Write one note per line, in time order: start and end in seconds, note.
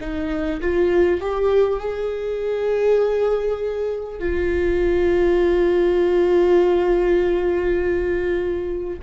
0.00 0.60 D#4
0.60 1.20 F4
1.20 1.79 G4
1.79 4.19 G#4
4.19 8.99 F4